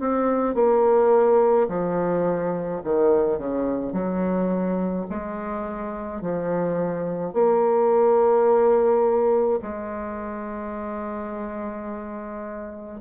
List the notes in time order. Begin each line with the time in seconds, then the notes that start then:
0.00 C4
0.55 A#3
1.68 F3
2.84 D#3
3.38 C#3
3.93 F#3
5.10 G#3
6.22 F3
7.34 A#3
9.62 G#3